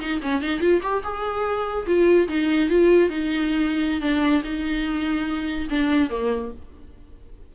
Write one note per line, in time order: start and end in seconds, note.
0.00 0.21 D#4
0.22 0.42 C#4
0.42 0.60 D#4
0.60 0.81 F4
0.82 1.03 G4
1.03 1.86 G#4
1.86 2.28 F4
2.28 2.69 D#4
2.69 3.09 F4
3.09 4.01 D#4
4.01 4.42 D4
4.44 5.68 D#4
5.70 6.10 D4
6.10 6.51 A#3